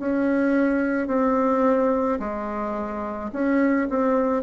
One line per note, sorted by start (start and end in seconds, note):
0.00 1.08 C#4
1.08 2.19 C4
2.20 3.31 G#3
3.33 3.88 C#4
3.90 4.43 C4